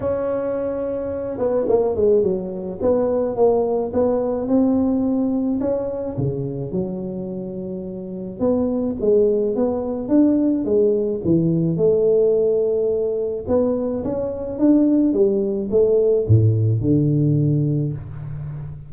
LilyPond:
\new Staff \with { instrumentName = "tuba" } { \time 4/4 \tempo 4 = 107 cis'2~ cis'8 b8 ais8 gis8 | fis4 b4 ais4 b4 | c'2 cis'4 cis4 | fis2. b4 |
gis4 b4 d'4 gis4 | e4 a2. | b4 cis'4 d'4 g4 | a4 a,4 d2 | }